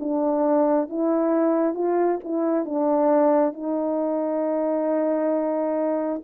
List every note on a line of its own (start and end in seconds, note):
0.00 0.90 D4
0.90 1.75 E4
1.75 2.19 F4
2.24 2.65 E4
2.65 3.54 D4
3.54 6.22 D#4